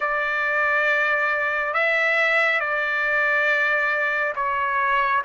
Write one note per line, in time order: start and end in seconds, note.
0.00 1.73 D5
1.73 2.59 E5
2.59 4.33 D5
4.35 5.22 C#5